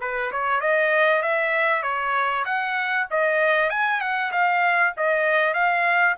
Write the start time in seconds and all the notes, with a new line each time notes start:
0.00 B4
0.31 C#5
0.60 D#5
1.22 E5
1.82 C#5
2.45 F#5
3.10 D#5
3.69 G#5
4.00 F#5
4.32 F5
4.97 D#5
5.53 F5